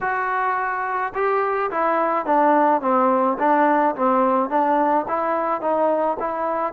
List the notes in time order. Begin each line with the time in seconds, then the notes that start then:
0.01 F#4
1.14 G4
1.71 E4
2.25 D4
2.81 C4
3.38 D4
3.95 C4
4.49 D4
5.07 E4
5.61 D#4
6.19 E4